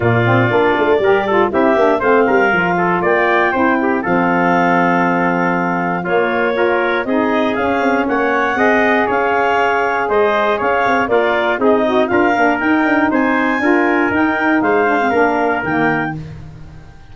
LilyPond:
<<
  \new Staff \with { instrumentName = "clarinet" } { \time 4/4 \tempo 4 = 119 d''2. e''4 | f''2 g''2 | f''1 | cis''2 dis''4 f''4 |
fis''2 f''2 | dis''4 f''4 d''4 dis''4 | f''4 g''4 gis''2 | g''4 f''2 g''4 | }
  \new Staff \with { instrumentName = "trumpet" } { \time 4/4 f'2 ais'8 a'8 g'4 | c''8 ais'4 a'8 d''4 c''8 g'8 | a'1 | f'4 ais'4 gis'2 |
cis''4 dis''4 cis''2 | c''4 cis''4 f'4 dis'4 | ais'2 c''4 ais'4~ | ais'4 c''4 ais'2 | }
  \new Staff \with { instrumentName = "saxophone" } { \time 4/4 ais8 c'8 d'4 g'8 f'8 e'8 d'8 | c'4 f'2 e'4 | c'1 | ais4 f'4 dis'4 cis'4~ |
cis'4 gis'2.~ | gis'2 ais'4 gis'8 fis'8 | f'8 d'8 dis'2 f'4 | dis'4. d'16 c'16 d'4 ais4 | }
  \new Staff \with { instrumentName = "tuba" } { \time 4/4 ais,4 ais8 a8 g4 c'8 ais8 | a8 g8 f4 ais4 c'4 | f1 | ais2 c'4 cis'8 c'8 |
ais4 c'4 cis'2 | gis4 cis'8 c'8 ais4 c'4 | d'8 ais8 dis'8 d'8 c'4 d'4 | dis'4 gis4 ais4 dis4 | }
>>